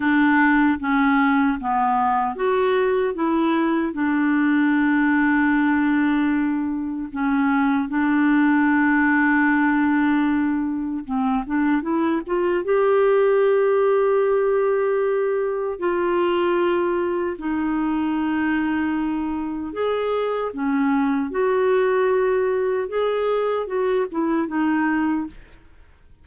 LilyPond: \new Staff \with { instrumentName = "clarinet" } { \time 4/4 \tempo 4 = 76 d'4 cis'4 b4 fis'4 | e'4 d'2.~ | d'4 cis'4 d'2~ | d'2 c'8 d'8 e'8 f'8 |
g'1 | f'2 dis'2~ | dis'4 gis'4 cis'4 fis'4~ | fis'4 gis'4 fis'8 e'8 dis'4 | }